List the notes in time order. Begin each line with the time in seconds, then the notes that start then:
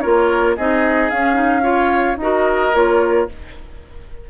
0.00 A#3 F4 A#4 C#5
0.56 C4 D#4 G#4 D#5
1.10 C#4 F5
1.34 D#4
1.62 F4 C#5
2.17 D#4 F#4 A#4 D#5
2.73 A#3 F4 C#5